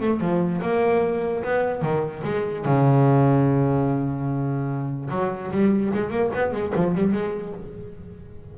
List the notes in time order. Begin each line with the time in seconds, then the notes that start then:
0.00 A3
0.20 F3
0.61 A#3
1.43 B3
1.82 D#3
2.24 G#3
2.65 C#3
5.10 F#3
5.51 G3
5.94 G#3
6.10 A#3
6.34 B3
6.53 G#3
6.75 F3
6.95 G3
7.12 G#3